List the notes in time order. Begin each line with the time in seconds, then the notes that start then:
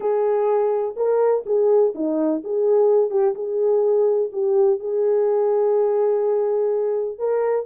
0.00 G#4
0.96 A#4
1.46 G#4
1.94 D#4
2.43 G#4
3.10 G4
3.34 G#4
4.32 G4
4.79 G#4
7.18 A#4